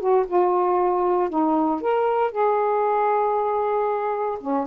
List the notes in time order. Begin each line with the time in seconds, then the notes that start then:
0.00 F#4
0.27 F4
1.30 D#4
1.82 A#4
2.32 G#4
4.41 C#4